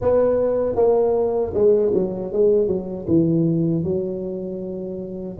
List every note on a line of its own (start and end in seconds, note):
0.01 0.75 B3
0.75 1.52 A#3
1.54 1.92 G#3
1.94 2.32 F#3
2.32 2.67 G#3
2.67 3.06 F#3
3.07 3.83 E3
3.83 5.37 F#3